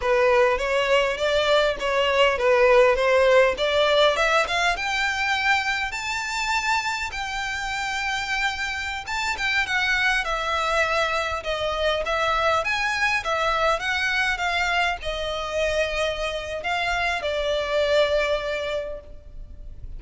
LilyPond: \new Staff \with { instrumentName = "violin" } { \time 4/4 \tempo 4 = 101 b'4 cis''4 d''4 cis''4 | b'4 c''4 d''4 e''8 f''8 | g''2 a''2 | g''2.~ g''16 a''8 g''16~ |
g''16 fis''4 e''2 dis''8.~ | dis''16 e''4 gis''4 e''4 fis''8.~ | fis''16 f''4 dis''2~ dis''8. | f''4 d''2. | }